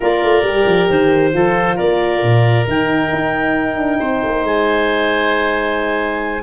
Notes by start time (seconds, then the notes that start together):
0.00 A#3 F4 A#4 D5
0.23 A3
0.42 G3 G4
0.65 F3
0.89 D#3 C5
1.33 F3 F4 A4
1.75 A#3 A#4 D5
2.22 A#2
2.67 D#3 D#4 G5
3.12 D#4
3.77 D4
3.99 C4 C5
4.24 A#3
4.43 G#3 G#5